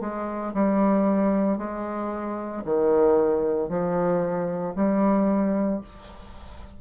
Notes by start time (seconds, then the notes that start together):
0.00 G#3
0.54 G3
1.57 G#3
2.64 D#3
3.69 F3
4.75 G3